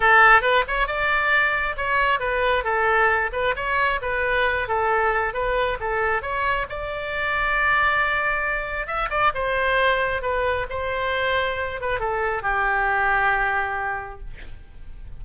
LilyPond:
\new Staff \with { instrumentName = "oboe" } { \time 4/4 \tempo 4 = 135 a'4 b'8 cis''8 d''2 | cis''4 b'4 a'4. b'8 | cis''4 b'4. a'4. | b'4 a'4 cis''4 d''4~ |
d''1 | e''8 d''8 c''2 b'4 | c''2~ c''8 b'8 a'4 | g'1 | }